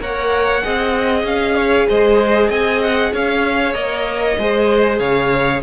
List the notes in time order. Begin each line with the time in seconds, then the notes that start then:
0.00 A#3 A#4 C#5 F#5
0.62 C4 G#4 D#5
1.24 C#4 F5
1.55 C#5
1.88 G#3 C5 D#5
2.48 C4 D#5 G#5
2.82 F#5
3.13 C#4 C#5 F5
3.73 A#3 A#4 D#5
4.38 G#3 G#4 C5
4.99 C#3 C#5 F5